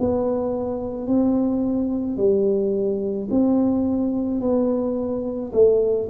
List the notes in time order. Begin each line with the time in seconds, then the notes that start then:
0.00 B3
1.08 C4
2.18 G3
3.31 C4
4.41 B3
5.53 A3